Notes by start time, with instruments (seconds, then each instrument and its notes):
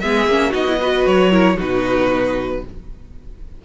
0.00 cello G#3, viola B3, violin G#4 E5
0.27 cello A#3, viola C#4
0.50 cello B3, viola D#4, violin F#4 D#5
0.67 viola E4
0.81 viola F#4, violin B4
1.06 cello F#3, violin C#5
1.31 viola E4, violin A#4
1.57 cello B2, viola D#4, violin F#4 B4